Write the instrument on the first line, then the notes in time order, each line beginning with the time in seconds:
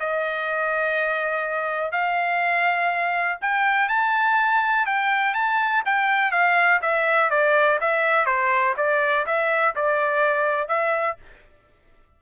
trumpet
0.00 D#5
1.92 F5
3.41 G5
3.89 A5
4.86 G5
5.34 A5
5.86 G5
6.31 F5
6.82 E5
7.30 D5
7.81 E5
8.26 C5
8.77 D5
9.26 E5
9.76 D5
10.68 E5